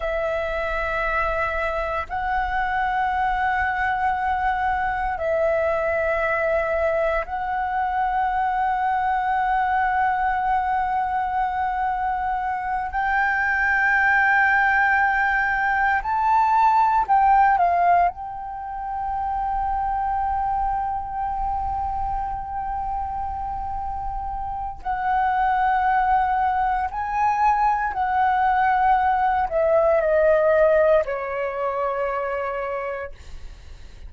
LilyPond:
\new Staff \with { instrumentName = "flute" } { \time 4/4 \tempo 4 = 58 e''2 fis''2~ | fis''4 e''2 fis''4~ | fis''1~ | fis''8 g''2. a''8~ |
a''8 g''8 f''8 g''2~ g''8~ | g''1 | fis''2 gis''4 fis''4~ | fis''8 e''8 dis''4 cis''2 | }